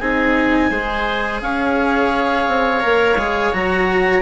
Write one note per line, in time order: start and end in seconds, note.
0.00 0.71 C4
0.00 0.71 D#4
0.00 0.71 G#4
0.00 1.41 G#5
0.71 1.41 G#3
0.71 2.81 G#4
0.71 1.41 C5
1.41 2.47 C#4
1.41 4.22 C#5
1.41 3.54 F5
2.48 2.83 C4
2.81 3.16 A#3
2.81 3.16 A#4
3.16 3.51 G#3
3.16 3.53 G#4
3.53 4.22 F#3
3.53 4.22 F#4
3.53 4.22 A#5